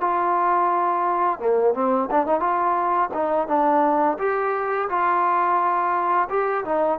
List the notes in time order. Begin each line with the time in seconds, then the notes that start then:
0.00 F4
1.39 A#3
1.74 C4
2.11 D4
2.26 D#4
2.40 F4
3.13 D#4
3.48 D4
4.18 G4
4.89 F4
6.29 G4
6.65 D#4